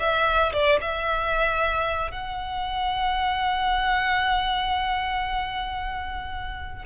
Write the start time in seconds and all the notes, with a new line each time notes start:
0.00 E5
0.53 D5
0.81 E5
2.12 F#5